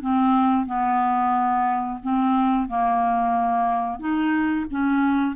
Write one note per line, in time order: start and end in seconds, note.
0.00 0.66 C4
0.66 1.99 B3
2.02 2.68 C4
2.68 3.99 A#3
3.99 4.65 D#4
4.70 5.35 C#4